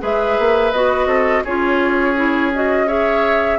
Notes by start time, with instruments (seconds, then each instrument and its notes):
0.00 bassoon G#3, clarinet G#4, oboe B4, flute E5
0.39 bassoon A#3
0.73 bassoon B3, clarinet F#4, flute D#5
1.06 bassoon C4, oboe A4
1.44 bassoon C#4, clarinet F4, oboe G#4, flute C#5
2.16 clarinet E4
2.54 clarinet F#4, flute D#5
2.87 clarinet G#4, oboe C#5, flute E5